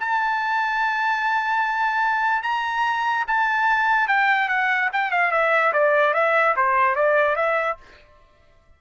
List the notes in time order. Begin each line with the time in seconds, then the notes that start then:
0.00 A5
2.43 A#5
3.28 A5
4.08 G5
4.49 F#5
4.93 G5
5.11 F5
5.32 E5
5.73 D5
6.14 E5
6.57 C5
6.96 D5
7.36 E5